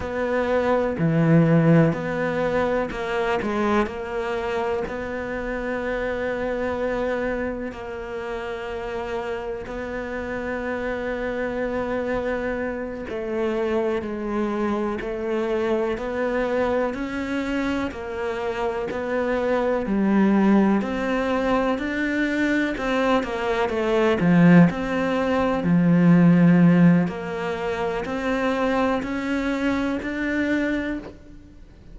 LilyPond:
\new Staff \with { instrumentName = "cello" } { \time 4/4 \tempo 4 = 62 b4 e4 b4 ais8 gis8 | ais4 b2. | ais2 b2~ | b4. a4 gis4 a8~ |
a8 b4 cis'4 ais4 b8~ | b8 g4 c'4 d'4 c'8 | ais8 a8 f8 c'4 f4. | ais4 c'4 cis'4 d'4 | }